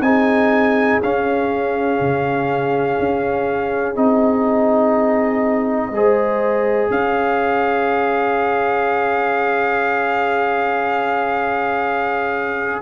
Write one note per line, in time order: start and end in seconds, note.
0.00 0.98 C4
0.00 1.02 D#4
0.00 5.95 G#4
0.00 1.00 G#5
1.03 2.00 C#4
1.03 3.95 C#4
1.03 3.96 F5
2.00 2.98 C#3
2.99 3.96 C#4
3.95 5.90 C4
3.95 5.92 D#4
3.95 6.91 D#5
5.90 6.89 G#3
5.90 12.82 G#4
5.90 6.92 C5
6.90 12.80 C#4
6.90 12.82 C#5
6.90 12.81 F5